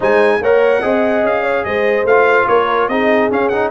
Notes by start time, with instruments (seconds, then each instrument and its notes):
0.00 tuba G#3, trombone D#4, horn C5, trumpet G#5
0.40 tuba A#3, trombone A#4, horn C#5, trumpet F#5
0.80 tuba C4, trombone G#4, horn D#5
1.22 tuba C#4, trumpet F5
1.42 horn C#5
1.64 tuba G#3, horn C5, trumpet D#5
2.04 tuba A3, trumpet F5
2.10 trombone F4
2.47 tuba A#3, horn A#4, trumpet C#5
2.88 tuba C4, trombone D#4, horn G#4, trumpet D#5
3.31 trombone C#4, tuba C#4, trumpet F5
3.48 trombone D#4, trumpet F#5